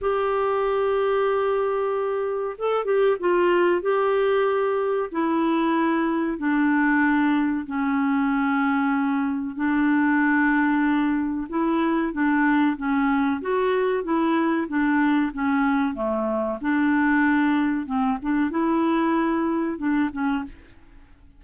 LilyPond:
\new Staff \with { instrumentName = "clarinet" } { \time 4/4 \tempo 4 = 94 g'1 | a'8 g'8 f'4 g'2 | e'2 d'2 | cis'2. d'4~ |
d'2 e'4 d'4 | cis'4 fis'4 e'4 d'4 | cis'4 a4 d'2 | c'8 d'8 e'2 d'8 cis'8 | }